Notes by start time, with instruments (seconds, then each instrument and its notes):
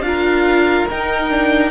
0.00 cello D4, viola F4, violin F5
0.07 violin A#4
0.90 viola D#4, cello D#4, violin G5
1.30 viola D4